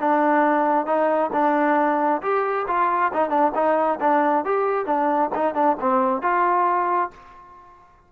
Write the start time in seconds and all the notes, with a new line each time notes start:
0.00 D4
0.86 D#4
1.33 D4
2.22 G4
2.68 F4
3.14 D#4
3.30 D4
3.55 D#4
4.01 D4
4.45 G4
4.86 D4
5.35 D#4
5.55 D4
5.80 C4
6.22 F4